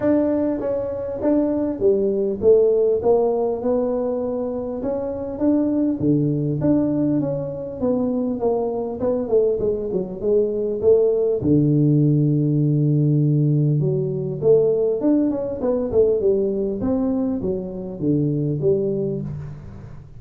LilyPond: \new Staff \with { instrumentName = "tuba" } { \time 4/4 \tempo 4 = 100 d'4 cis'4 d'4 g4 | a4 ais4 b2 | cis'4 d'4 d4 d'4 | cis'4 b4 ais4 b8 a8 |
gis8 fis8 gis4 a4 d4~ | d2. fis4 | a4 d'8 cis'8 b8 a8 g4 | c'4 fis4 d4 g4 | }